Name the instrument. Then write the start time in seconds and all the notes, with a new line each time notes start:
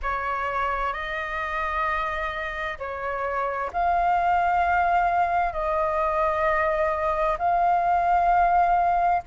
flute
0.02 C#5
0.93 D#5
2.78 C#5
3.73 F5
5.52 D#5
7.38 F5